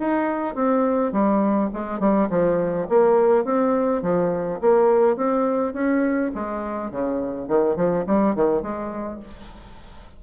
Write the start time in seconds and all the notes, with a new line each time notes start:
0.00 D#4
0.56 C4
1.13 G3
1.74 G#3
2.00 G3
2.31 F3
2.89 A#3
3.45 C4
4.03 F3
4.61 A#3
5.17 C4
5.74 C#4
6.35 G#3
6.92 C#3
7.49 D#3
7.76 F3
8.07 G3
8.36 D#3
8.62 G#3